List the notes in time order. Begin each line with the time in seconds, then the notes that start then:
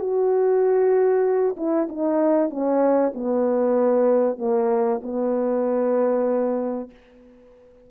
0.00 F#4
1.57 E4
1.89 D#4
2.50 C#4
3.15 B3
4.39 A#3
5.03 B3